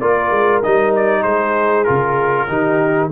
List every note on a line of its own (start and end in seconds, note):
0.00 0.31 A#3
0.00 0.63 F4
0.00 1.22 A#4
0.00 0.62 D5
0.31 0.62 G#3
0.63 1.25 G3
0.63 1.86 D#4
0.63 0.94 D#5
0.96 1.23 D5
1.22 1.87 G#3
1.22 2.45 G#4
1.22 1.84 C5
1.84 2.48 C#3
1.84 2.48 F4
1.84 3.08 A#4
2.48 3.10 D#3
2.48 3.10 D#4
2.48 3.10 G4